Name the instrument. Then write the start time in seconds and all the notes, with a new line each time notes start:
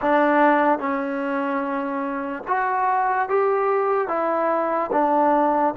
trombone
0.01 D4
0.78 C#4
2.47 F#4
3.29 G4
4.08 E4
4.92 D4